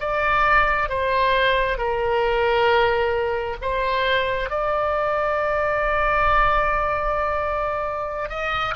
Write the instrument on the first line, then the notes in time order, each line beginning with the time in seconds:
oboe
0.00 D5
0.89 C5
1.78 A#4
3.61 C5
4.50 D5
8.30 D#5